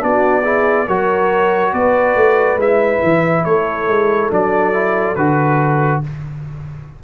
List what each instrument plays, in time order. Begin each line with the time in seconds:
0.00 tuba B3, trombone D4, horn F#4, trumpet D5
0.44 trombone E4, horn G#4
0.87 tuba F#3, trombone F#4, horn A#4, trumpet C#5
1.73 tuba B3, horn B4, trumpet D5
2.16 tuba A3
2.56 tuba G#3, trombone E4, trumpet E5
3.04 tuba E3
3.45 tuba A3, horn A4, trumpet C#5
3.88 tuba G#3
4.31 tuba F#3, trombone D4, trumpet D5
4.73 trombone E4
5.16 tuba D3, trombone F#4, trumpet B4